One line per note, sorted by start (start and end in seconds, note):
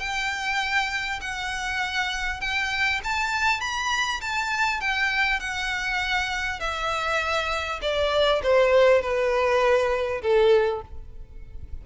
0.00 1.20 G5
1.21 2.41 F#5
2.41 3.01 G5
3.04 3.61 A5
3.61 4.21 B5
4.21 4.81 A5
4.81 5.40 G5
5.40 6.60 F#5
6.60 7.80 E5
7.82 8.42 D5
8.43 9.02 C5
9.02 10.22 B4
10.22 10.82 A4